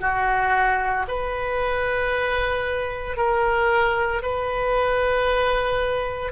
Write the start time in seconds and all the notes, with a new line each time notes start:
0.00 F#4
1.07 B4
3.16 A#4
4.22 B4